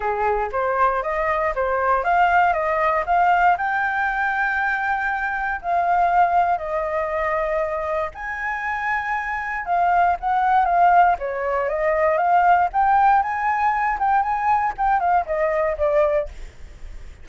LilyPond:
\new Staff \with { instrumentName = "flute" } { \time 4/4 \tempo 4 = 118 gis'4 c''4 dis''4 c''4 | f''4 dis''4 f''4 g''4~ | g''2. f''4~ | f''4 dis''2. |
gis''2. f''4 | fis''4 f''4 cis''4 dis''4 | f''4 g''4 gis''4. g''8 | gis''4 g''8 f''8 dis''4 d''4 | }